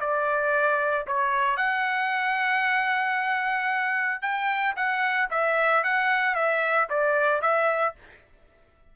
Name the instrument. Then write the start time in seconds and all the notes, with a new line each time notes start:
trumpet
0.00 D5
1.07 C#5
1.57 F#5
4.21 G5
4.75 F#5
5.30 E5
5.84 F#5
6.35 E5
6.90 D5
7.41 E5